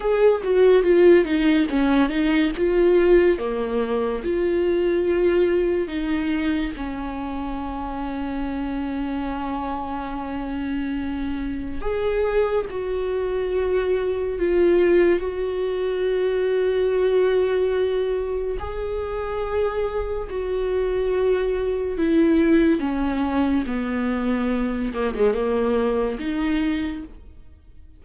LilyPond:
\new Staff \with { instrumentName = "viola" } { \time 4/4 \tempo 4 = 71 gis'8 fis'8 f'8 dis'8 cis'8 dis'8 f'4 | ais4 f'2 dis'4 | cis'1~ | cis'2 gis'4 fis'4~ |
fis'4 f'4 fis'2~ | fis'2 gis'2 | fis'2 e'4 cis'4 | b4. ais16 gis16 ais4 dis'4 | }